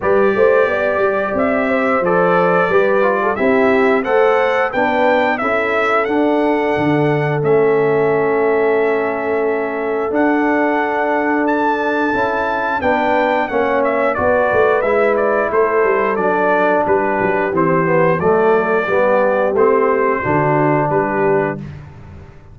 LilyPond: <<
  \new Staff \with { instrumentName = "trumpet" } { \time 4/4 \tempo 4 = 89 d''2 e''4 d''4~ | d''4 e''4 fis''4 g''4 | e''4 fis''2 e''4~ | e''2. fis''4~ |
fis''4 a''2 g''4 | fis''8 e''8 d''4 e''8 d''8 c''4 | d''4 b'4 c''4 d''4~ | d''4 c''2 b'4 | }
  \new Staff \with { instrumentName = "horn" } { \time 4/4 b'8 c''8 d''4. c''4. | b'8. a'16 g'4 c''4 b'4 | a'1~ | a'1~ |
a'2. b'4 | cis''4 b'2 a'4~ | a'4 g'2 a'4 | g'2 fis'4 g'4 | }
  \new Staff \with { instrumentName = "trombone" } { \time 4/4 g'2. a'4 | g'8 f'8 e'4 a'4 d'4 | e'4 d'2 cis'4~ | cis'2. d'4~ |
d'2 e'4 d'4 | cis'4 fis'4 e'2 | d'2 c'8 b8 a4 | b4 c'4 d'2 | }
  \new Staff \with { instrumentName = "tuba" } { \time 4/4 g8 a8 b8 g8 c'4 f4 | g4 c'4 a4 b4 | cis'4 d'4 d4 a4~ | a2. d'4~ |
d'2 cis'4 b4 | ais4 b8 a8 gis4 a8 g8 | fis4 g8 fis8 e4 fis4 | g4 a4 d4 g4 | }
>>